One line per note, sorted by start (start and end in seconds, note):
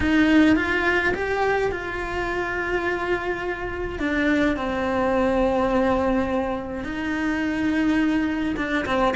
0.00 0.56 D#4
0.56 1.13 F4
1.14 1.71 G4
1.71 3.99 F4
3.99 4.56 D4
4.56 6.84 C4
6.84 8.55 D#4
8.56 8.85 D4
8.85 9.14 C4